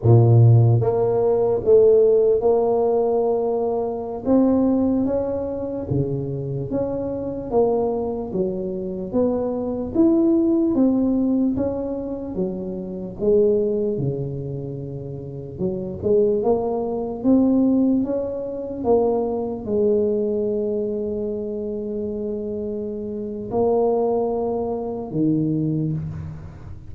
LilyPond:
\new Staff \with { instrumentName = "tuba" } { \time 4/4 \tempo 4 = 74 ais,4 ais4 a4 ais4~ | ais4~ ais16 c'4 cis'4 cis8.~ | cis16 cis'4 ais4 fis4 b8.~ | b16 e'4 c'4 cis'4 fis8.~ |
fis16 gis4 cis2 fis8 gis16~ | gis16 ais4 c'4 cis'4 ais8.~ | ais16 gis2.~ gis8.~ | gis4 ais2 dis4 | }